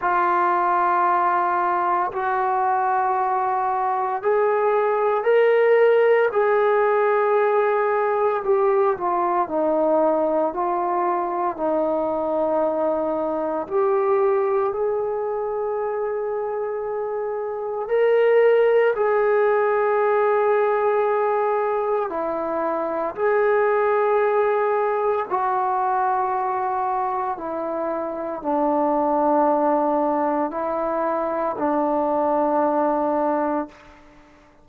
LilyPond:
\new Staff \with { instrumentName = "trombone" } { \time 4/4 \tempo 4 = 57 f'2 fis'2 | gis'4 ais'4 gis'2 | g'8 f'8 dis'4 f'4 dis'4~ | dis'4 g'4 gis'2~ |
gis'4 ais'4 gis'2~ | gis'4 e'4 gis'2 | fis'2 e'4 d'4~ | d'4 e'4 d'2 | }